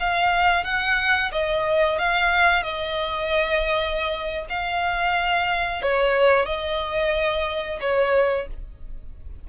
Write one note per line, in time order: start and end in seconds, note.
0.00 0.65 F5
0.65 1.31 F#5
1.32 1.99 D#5
1.99 2.63 F5
2.63 4.47 D#5
4.50 5.82 F5
5.82 6.46 C#5
6.46 7.80 D#5
7.81 8.48 C#5